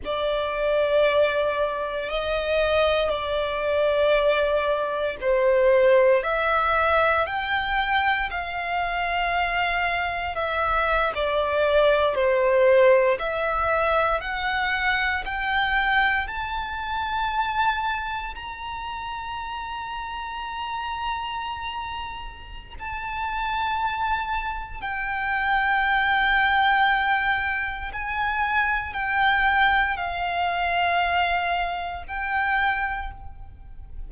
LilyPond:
\new Staff \with { instrumentName = "violin" } { \time 4/4 \tempo 4 = 58 d''2 dis''4 d''4~ | d''4 c''4 e''4 g''4 | f''2 e''8. d''4 c''16~ | c''8. e''4 fis''4 g''4 a''16~ |
a''4.~ a''16 ais''2~ ais''16~ | ais''2 a''2 | g''2. gis''4 | g''4 f''2 g''4 | }